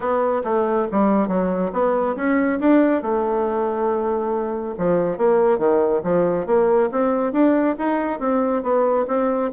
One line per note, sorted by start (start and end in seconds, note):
0.00 0.42 B3
0.44 0.87 A3
0.91 1.28 G3
1.28 1.71 F#3
1.72 2.15 B3
2.16 2.59 C#4
2.59 3.02 D4
3.02 4.74 A3
4.77 5.17 F3
5.17 5.58 A#3
5.58 6.01 D#3
6.03 6.46 F3
6.46 6.89 A#3
6.91 7.32 C4
7.32 7.75 D4
7.78 8.19 D#4
8.19 8.62 C4
8.62 9.05 B3
9.07 9.50 C4